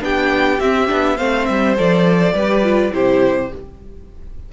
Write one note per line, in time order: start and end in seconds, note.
0.00 0.59 B3
0.00 0.58 D4
0.00 1.17 G4
0.00 0.59 G5
0.59 0.89 C4
0.59 0.87 C4
0.59 1.17 E5
0.87 1.19 B3
0.87 1.16 D4
1.17 1.48 A3
1.17 1.76 C4
1.17 2.33 C5
1.17 1.45 F5
1.45 1.78 G3
1.45 1.74 E5
1.76 2.33 F3
1.76 2.34 A4
1.76 2.94 D5
2.33 2.91 G3
2.33 2.63 G4
2.33 2.92 B4
2.63 2.91 F4
2.91 3.51 C3
2.91 3.49 E4
2.91 3.52 G4
2.91 3.52 C5